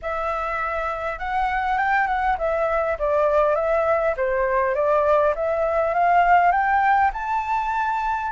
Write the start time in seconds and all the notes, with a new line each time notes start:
0.02 E5
1.18 F#5
1.77 G5
2.07 F#5
2.38 E5
2.98 D5
3.55 E5
4.17 C5
4.74 D5
5.35 E5
5.94 F5
6.51 G5
7.13 A5